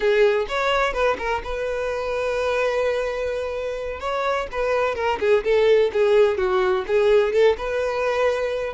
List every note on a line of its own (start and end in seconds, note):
0.00 0.46 G#4
0.48 0.93 C#5
0.93 1.16 B4
1.18 1.42 A#4
1.43 3.99 B4
3.99 4.47 C#5
4.51 4.95 B4
4.95 5.19 A#4
5.19 5.43 G#4
5.44 5.91 A4
5.92 6.37 G#4
6.37 6.84 F#4
6.87 7.32 G#4
7.32 7.56 A4
7.57 8.73 B4